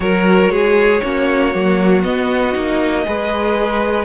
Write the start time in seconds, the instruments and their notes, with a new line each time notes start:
0.00 cello F#3, viola F#4, violin A#4 C#5
0.50 cello G#3, violin G#4
1.03 cello A#3, viola C#4, violin F#4
1.53 cello F#3, viola A#3
2.02 viola B3, cello B3, violin D#5
2.53 cello A#3, viola D#4
3.05 cello G#3, viola G#4, violin B4